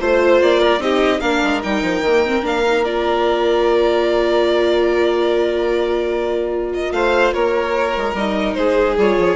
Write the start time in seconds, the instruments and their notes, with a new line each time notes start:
0.00 bassoon A3, viola F4, violin C5
0.42 bassoon A#3, violin D5
0.60 violin A#4
0.78 bassoon C4, viola D#4, violin G4 D#5
1.20 bassoon A#3, viola D4, violin A#4 F5
1.43 bassoon G#3
1.62 bassoon G3, viola D#4, violin G5
1.82 bassoon F3
2.01 bassoon D#3, viola A#3
2.26 viola C4
2.42 bassoon A#3, viola D4, violin F5
2.66 viola D#4
2.84 viola F4, violin D5
6.73 violin D#5
6.91 bassoon A3, violin C5 F5
7.33 bassoon A#3, violin A#4 C#5
7.97 bassoon G#3
8.14 bassoon G3, viola D#4, violin D#5
8.53 bassoon G#3, violin G#4 C5
8.97 bassoon G3, viola F4, violin C#5
9.17 bassoon F3